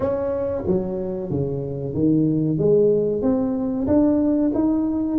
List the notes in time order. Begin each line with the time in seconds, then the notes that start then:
0.00 C#4
0.66 F#3
1.30 C#3
1.94 D#3
2.58 G#3
3.22 C4
3.87 D4
4.54 D#4